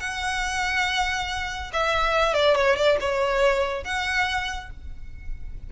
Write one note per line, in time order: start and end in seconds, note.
0.00 1.71 F#5
1.73 2.34 E5
2.34 2.55 D5
2.56 2.76 C#5
2.76 2.98 D5
3.00 3.84 C#5
3.84 4.70 F#5